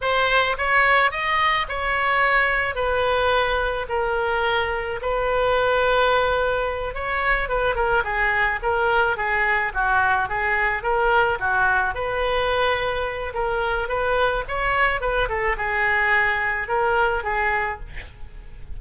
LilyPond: \new Staff \with { instrumentName = "oboe" } { \time 4/4 \tempo 4 = 108 c''4 cis''4 dis''4 cis''4~ | cis''4 b'2 ais'4~ | ais'4 b'2.~ | b'8 cis''4 b'8 ais'8 gis'4 ais'8~ |
ais'8 gis'4 fis'4 gis'4 ais'8~ | ais'8 fis'4 b'2~ b'8 | ais'4 b'4 cis''4 b'8 a'8 | gis'2 ais'4 gis'4 | }